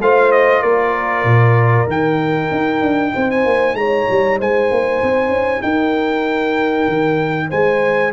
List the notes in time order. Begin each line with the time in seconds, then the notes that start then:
0.00 A3 F4 C5 F5
0.32 D#5
0.62 A#3 A#4 D5
1.24 A#2
1.87 D#3 D#4 G5
2.51 D#4
2.81 D4
3.15 C4 C5
3.31 G#5
3.45 A#3
3.74 G#3 C#5 A#5
4.10 G3
4.39 G#3 C5 G#5
4.71 A#3
5.03 C4
5.29 C#4
5.62 D#4 A#4 G5
6.88 D#3
7.50 G#3 C5 G#5